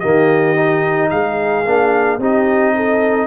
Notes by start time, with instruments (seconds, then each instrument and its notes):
0.00 tuba D#3, trombone A#3, horn G4, trumpet D#5
0.56 trombone D#4
1.10 tuba G#3, horn G#4, trumpet F5
1.65 tuba A#3, trombone D4
2.19 tuba C4, trombone D#4, horn G4, trumpet D#5
2.76 horn A4